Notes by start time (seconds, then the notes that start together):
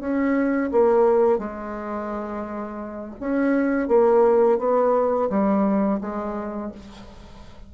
0.00 C#4
0.72 A#3
1.38 G#3
3.20 C#4
3.88 A#3
4.59 B3
5.30 G3
6.01 G#3